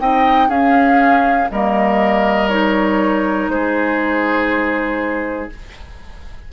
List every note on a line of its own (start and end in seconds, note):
0.00 0.49 C4
0.00 0.49 D#4
0.00 0.49 D#5
0.00 0.50 G5
0.49 1.49 C#4
0.49 1.49 G#4
0.49 1.50 F5
1.50 3.48 G3
1.50 2.49 A#3
1.50 3.52 A#4
1.50 2.49 D#5
2.49 5.49 D#4
2.49 3.49 C#5
3.48 5.48 G#3
3.48 5.52 G#4
3.48 5.49 C5